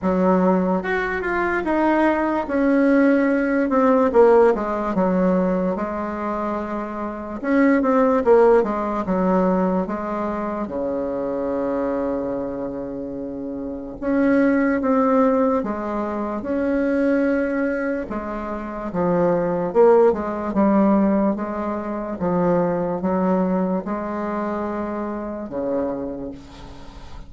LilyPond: \new Staff \with { instrumentName = "bassoon" } { \time 4/4 \tempo 4 = 73 fis4 fis'8 f'8 dis'4 cis'4~ | cis'8 c'8 ais8 gis8 fis4 gis4~ | gis4 cis'8 c'8 ais8 gis8 fis4 | gis4 cis2.~ |
cis4 cis'4 c'4 gis4 | cis'2 gis4 f4 | ais8 gis8 g4 gis4 f4 | fis4 gis2 cis4 | }